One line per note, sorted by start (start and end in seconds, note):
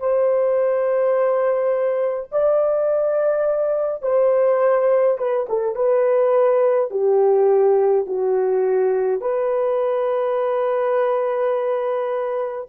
0.00 2.31 C5
2.32 4.03 D5
4.03 5.18 C5
5.18 5.47 B4
5.50 5.76 A4
5.76 6.91 B4
6.91 8.07 G4
8.07 9.22 F#4
9.22 12.68 B4